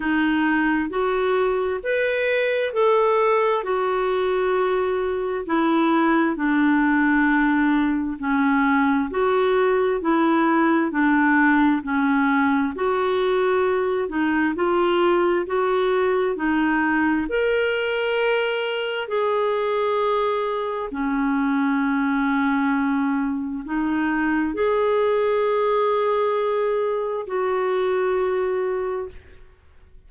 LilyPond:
\new Staff \with { instrumentName = "clarinet" } { \time 4/4 \tempo 4 = 66 dis'4 fis'4 b'4 a'4 | fis'2 e'4 d'4~ | d'4 cis'4 fis'4 e'4 | d'4 cis'4 fis'4. dis'8 |
f'4 fis'4 dis'4 ais'4~ | ais'4 gis'2 cis'4~ | cis'2 dis'4 gis'4~ | gis'2 fis'2 | }